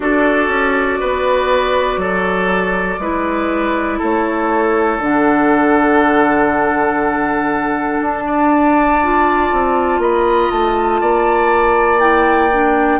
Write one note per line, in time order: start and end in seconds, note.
0.00 0.48 D4
0.00 3.00 F#4
0.00 1.00 A4
0.00 4.00 D5
0.48 0.98 C#4
1.00 1.96 B3
1.00 2.00 B4
1.96 2.96 F#3
1.96 3.00 A4
2.98 3.98 G#3
2.98 5.00 E4
2.98 3.98 B4
3.98 4.98 A3
3.98 8.23 A4
3.98 5.01 C#5
4.98 7.98 D3
4.98 9.00 D4
4.98 8.02 F#5
8.01 9.51 D4
8.01 10.01 A5
8.26 10.00 D5
9.03 11.99 F4
9.52 9.98 C4
9.98 10.48 A#3
9.98 11.00 D#5
9.98 10.51 B5
10.51 11.01 A3
10.51 11.99 A5
11.00 12.99 A#3
11.00 12.99 D5
11.99 12.49 E4
11.99 12.99 G5
12.51 12.99 D4